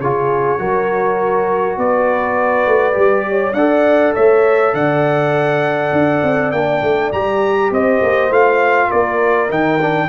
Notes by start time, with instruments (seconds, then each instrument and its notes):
0.00 tuba C#3, trombone F4, horn G#4, trumpet C#5
0.58 tuba F#3, trombone F#4, horn A#4
1.77 tuba B3, horn B4, trumpet D5
2.66 tuba A3
2.93 tuba G3, trombone G4
3.29 horn C#5
3.53 tuba D4, trombone A4, horn D5, trumpet F#5
4.14 tuba A3, horn C#5, trumpet E5
4.73 tuba D3, horn D5, trumpet F#5
5.92 tuba D4
6.23 tuba C4
6.51 tuba A#3, trombone D4, trumpet G5
6.82 tuba A3
7.12 tuba G3, trombone G4, trumpet A#5
7.71 tuba C4, horn C5, trumpet D#5
8.01 tuba A#3
8.30 tuba A3, trombone F4, trumpet F5
8.88 tuba A#3, horn A#4, trumpet D5
9.49 tuba D#3, trombone D#4, trumpet G5
9.81 trombone D4